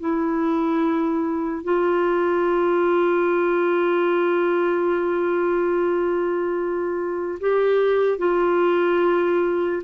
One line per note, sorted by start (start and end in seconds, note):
0.00 1.64 E4
1.64 7.39 F4
7.40 8.18 G4
8.18 9.83 F4